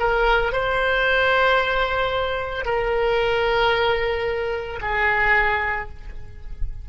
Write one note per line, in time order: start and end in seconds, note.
0.00 0.53 A#4
0.53 2.66 C5
2.66 4.80 A#4
4.82 5.89 G#4